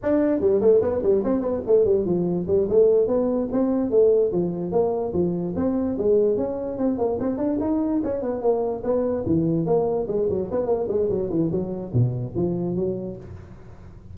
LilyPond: \new Staff \with { instrumentName = "tuba" } { \time 4/4 \tempo 4 = 146 d'4 g8 a8 b8 g8 c'8 b8 | a8 g8 f4 g8 a4 b8~ | b8 c'4 a4 f4 ais8~ | ais8 f4 c'4 gis4 cis'8~ |
cis'8 c'8 ais8 c'8 d'8 dis'4 cis'8 | b8 ais4 b4 e4 ais8~ | ais8 gis8 fis8 b8 ais8 gis8 fis8 e8 | fis4 b,4 f4 fis4 | }